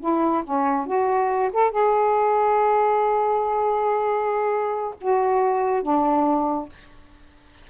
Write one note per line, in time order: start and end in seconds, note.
0.00 0.43 E4
0.44 0.86 C#4
0.86 1.51 F#4
1.53 1.71 A4
1.71 4.95 G#4
5.01 5.83 F#4
5.83 6.69 D4